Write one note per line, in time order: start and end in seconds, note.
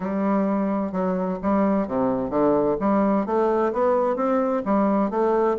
0.00 0.92 G3
0.92 1.38 F#3
1.42 1.87 G3
1.87 2.30 C3
2.30 2.76 D3
2.79 3.26 G3
3.26 3.72 A3
3.72 4.16 B3
4.16 4.62 C4
4.65 5.10 G3
5.10 5.57 A3